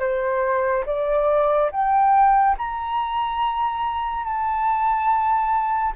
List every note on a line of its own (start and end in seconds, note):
0.00 0.85 C5
0.86 1.71 D5
1.72 2.56 G5
2.58 4.24 A#5
4.24 5.93 A5